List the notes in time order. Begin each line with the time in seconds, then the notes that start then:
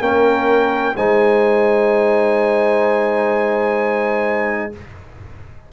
0.00 A#3 C#4 A#4 G5
0.96 G#3 D#4 C5 G#5